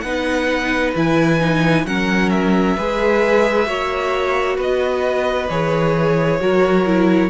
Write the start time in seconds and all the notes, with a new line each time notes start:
0.00 B3 D#4 B4 F#5
0.95 E3 E4 G#5
1.40 D#4
1.85 F#3 C#4 A#4 F#5
2.29 E5
2.77 G#3 G#4 B4
3.66 A#3 F#4 C#5
4.56 B3 B4 D#5
5.49 E3 G#4 C#5
6.39 F#3 F#4 A#4
6.85 E4